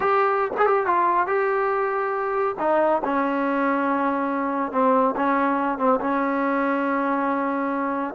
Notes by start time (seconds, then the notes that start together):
0.00 G4
0.57 G#4
0.66 G4
0.86 F4
1.26 G4
2.59 D#4
3.04 C#4
4.71 C4
5.16 C#4
5.78 C4
6.00 C#4